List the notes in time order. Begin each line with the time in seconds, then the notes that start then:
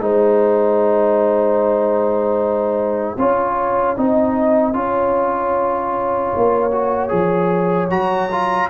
0.00 G#3 D#4 C5 G#5
3.18 C#4 F4 C#5
3.97 C4 D#4 D#5
4.74 C#4 F4 C#5
6.36 A#3
6.72 F#4
7.09 F3 G#4
7.90 F#3 F#4 A#5
8.32 F4